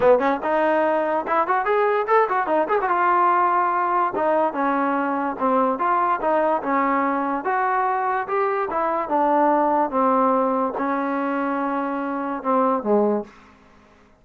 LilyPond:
\new Staff \with { instrumentName = "trombone" } { \time 4/4 \tempo 4 = 145 b8 cis'8 dis'2 e'8 fis'8 | gis'4 a'8 fis'8 dis'8 gis'16 fis'16 f'4~ | f'2 dis'4 cis'4~ | cis'4 c'4 f'4 dis'4 |
cis'2 fis'2 | g'4 e'4 d'2 | c'2 cis'2~ | cis'2 c'4 gis4 | }